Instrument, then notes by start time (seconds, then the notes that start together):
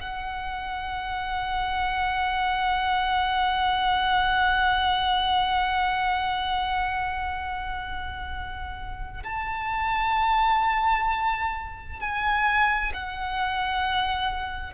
violin
0.00 F#5
9.24 A5
12.00 G#5
12.94 F#5